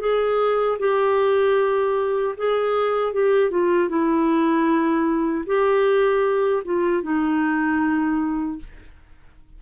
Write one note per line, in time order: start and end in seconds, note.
0.00 0.78 G#4
0.79 2.35 G4
2.37 3.13 G#4
3.13 3.51 G4
3.51 3.89 F4
3.89 5.45 E4
5.46 6.63 G4
6.64 7.03 F4
7.03 8.59 D#4